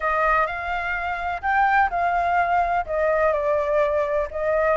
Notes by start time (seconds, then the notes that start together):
0.00 D#5
0.46 F5
1.42 G5
1.90 F5
2.85 D#5
3.32 D5
4.31 D#5